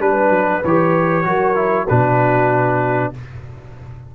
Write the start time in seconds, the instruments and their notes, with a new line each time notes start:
0.00 tuba G3, trombone D4, horn B4, trumpet B4
0.30 tuba F#3
0.65 tuba E3, trombone G4, trumpet C#5
1.24 tuba F#3, trombone F#4, horn A#4
1.56 trombone E4
1.86 tuba B2, trombone D4, horn F#4, trumpet B4